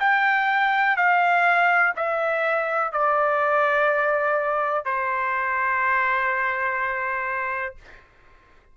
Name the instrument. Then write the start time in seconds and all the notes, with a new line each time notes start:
trumpet
0.00 G5
0.97 F5
1.97 E5
2.93 D5
4.85 C5